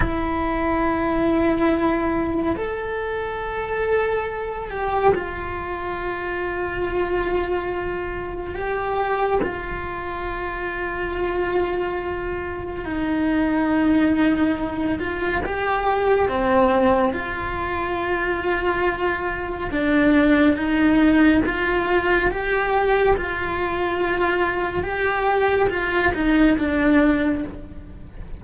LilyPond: \new Staff \with { instrumentName = "cello" } { \time 4/4 \tempo 4 = 70 e'2. a'4~ | a'4. g'8 f'2~ | f'2 g'4 f'4~ | f'2. dis'4~ |
dis'4. f'8 g'4 c'4 | f'2. d'4 | dis'4 f'4 g'4 f'4~ | f'4 g'4 f'8 dis'8 d'4 | }